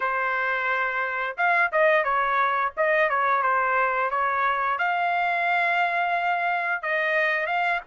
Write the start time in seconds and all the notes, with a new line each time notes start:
0.00 C5
1.37 F5
1.72 D#5
2.04 C#5
2.76 D#5
3.09 C#5
3.42 C5
4.10 C#5
4.78 F5
6.82 D#5
7.46 F5